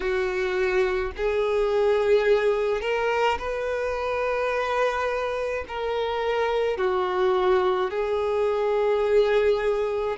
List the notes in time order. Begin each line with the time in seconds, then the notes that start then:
0.00 F#4
1.16 G#4
2.81 A#4
3.38 B4
5.68 A#4
6.77 F#4
7.90 G#4